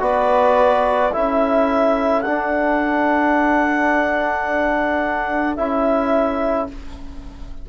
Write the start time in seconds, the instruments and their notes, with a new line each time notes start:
0.00 bassoon B3, trombone F#4, viola B4, clarinet D5
1.12 bassoon C#4, trombone E4, viola A4, clarinet E5
2.21 trombone D4, bassoon D4, clarinet F#5
5.56 bassoon C#4, trombone E4, clarinet E5